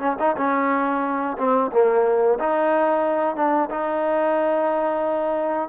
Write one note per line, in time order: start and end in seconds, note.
0.00 0.17 C#4
0.20 0.36 D#4
0.38 1.38 C#4
1.38 1.72 C4
1.72 2.39 A#3
2.40 3.36 D#4
3.36 3.70 D4
3.71 5.70 D#4